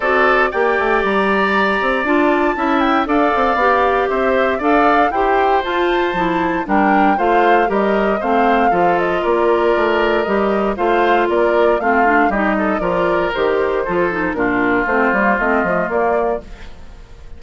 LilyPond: <<
  \new Staff \with { instrumentName = "flute" } { \time 4/4 \tempo 4 = 117 d''4 g''4 ais''2 | a''4. g''8 f''2 | e''4 f''4 g''4 a''4~ | a''4 g''4 f''4 dis''4 |
f''4. dis''8 d''2 | dis''4 f''4 d''4 f''4 | dis''4 d''4 c''2 | ais'4 c''4 dis''4 d''4 | }
  \new Staff \with { instrumentName = "oboe" } { \time 4/4 a'4 d''2.~ | d''4 e''4 d''2 | c''4 d''4 c''2~ | c''4 ais'4 c''4 ais'4 |
c''4 a'4 ais'2~ | ais'4 c''4 ais'4 f'4 | g'8 a'8 ais'2 a'4 | f'1 | }
  \new Staff \with { instrumentName = "clarinet" } { \time 4/4 fis'4 g'2. | f'4 e'4 a'4 g'4~ | g'4 a'4 g'4 f'4 | e'4 d'4 f'4 g'4 |
c'4 f'2. | g'4 f'2 c'8 d'8 | dis'4 f'4 g'4 f'8 dis'8 | d'4 c'8 ais8 c'8 a8 ais4 | }
  \new Staff \with { instrumentName = "bassoon" } { \time 4/4 c'4 ais8 a8 g4. c'8 | d'4 cis'4 d'8 c'8 b4 | c'4 d'4 e'4 f'4 | f4 g4 a4 g4 |
a4 f4 ais4 a4 | g4 a4 ais4 a4 | g4 f4 dis4 f4 | ais,4 a8 g8 a8 f8 ais4 | }
>>